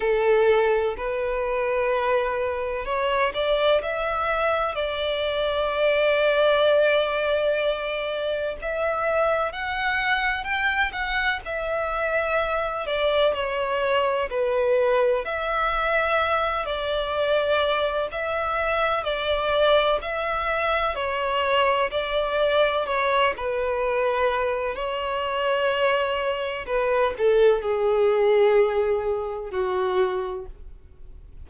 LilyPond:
\new Staff \with { instrumentName = "violin" } { \time 4/4 \tempo 4 = 63 a'4 b'2 cis''8 d''8 | e''4 d''2.~ | d''4 e''4 fis''4 g''8 fis''8 | e''4. d''8 cis''4 b'4 |
e''4. d''4. e''4 | d''4 e''4 cis''4 d''4 | cis''8 b'4. cis''2 | b'8 a'8 gis'2 fis'4 | }